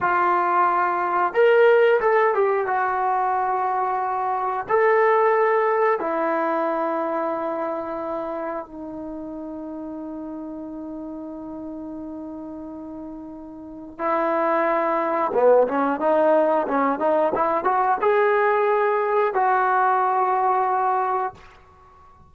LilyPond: \new Staff \with { instrumentName = "trombone" } { \time 4/4 \tempo 4 = 90 f'2 ais'4 a'8 g'8 | fis'2. a'4~ | a'4 e'2.~ | e'4 dis'2.~ |
dis'1~ | dis'4 e'2 b8 cis'8 | dis'4 cis'8 dis'8 e'8 fis'8 gis'4~ | gis'4 fis'2. | }